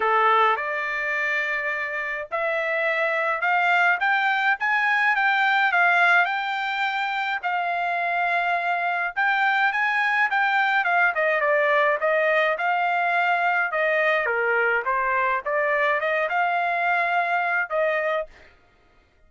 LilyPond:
\new Staff \with { instrumentName = "trumpet" } { \time 4/4 \tempo 4 = 105 a'4 d''2. | e''2 f''4 g''4 | gis''4 g''4 f''4 g''4~ | g''4 f''2. |
g''4 gis''4 g''4 f''8 dis''8 | d''4 dis''4 f''2 | dis''4 ais'4 c''4 d''4 | dis''8 f''2~ f''8 dis''4 | }